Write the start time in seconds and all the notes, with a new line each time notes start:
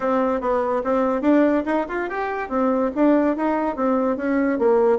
0.00 C4
0.40 B3
0.84 C4
1.21 D4
1.65 D#4
1.88 F4
2.09 G4
2.49 C4
2.95 D4
3.36 D#4
3.76 C4
4.17 C#4
4.59 A#3